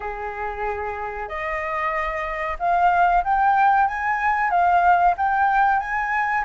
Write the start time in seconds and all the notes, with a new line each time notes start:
0.00 G#4
1.28 D#5
2.59 F5
3.23 G5
3.87 G#5
4.50 F5
5.17 G5
5.79 G#5